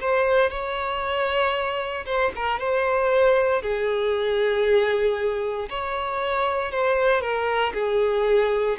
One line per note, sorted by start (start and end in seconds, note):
0.00 0.50 C5
0.50 2.05 C#5
2.05 2.31 C5
2.35 2.59 A#4
2.59 3.62 C5
3.62 5.68 G#4
5.69 6.71 C#5
6.71 7.21 C5
7.21 7.73 A#4
7.74 8.77 G#4